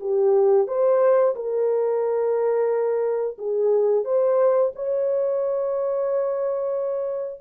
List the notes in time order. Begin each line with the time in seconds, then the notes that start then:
0.00 G4
0.67 C5
1.35 A#4
3.38 G#4
4.04 C5
4.75 C#5